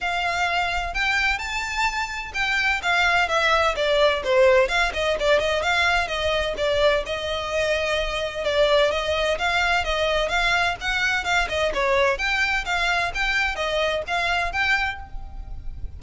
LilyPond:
\new Staff \with { instrumentName = "violin" } { \time 4/4 \tempo 4 = 128 f''2 g''4 a''4~ | a''4 g''4 f''4 e''4 | d''4 c''4 f''8 dis''8 d''8 dis''8 | f''4 dis''4 d''4 dis''4~ |
dis''2 d''4 dis''4 | f''4 dis''4 f''4 fis''4 | f''8 dis''8 cis''4 g''4 f''4 | g''4 dis''4 f''4 g''4 | }